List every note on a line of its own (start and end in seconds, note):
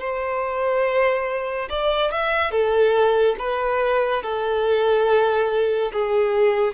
0.00 1.69 C5
1.70 2.12 D5
2.12 2.51 E5
2.51 3.36 A4
3.39 4.23 B4
4.23 5.92 A4
5.93 6.75 G#4